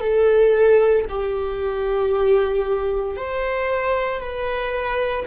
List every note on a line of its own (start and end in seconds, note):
0.00 1.05 A4
1.09 3.17 G4
3.17 4.20 C5
4.20 5.25 B4